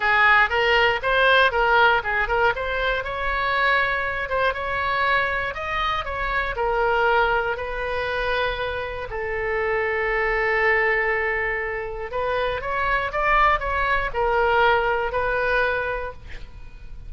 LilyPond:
\new Staff \with { instrumentName = "oboe" } { \time 4/4 \tempo 4 = 119 gis'4 ais'4 c''4 ais'4 | gis'8 ais'8 c''4 cis''2~ | cis''8 c''8 cis''2 dis''4 | cis''4 ais'2 b'4~ |
b'2 a'2~ | a'1 | b'4 cis''4 d''4 cis''4 | ais'2 b'2 | }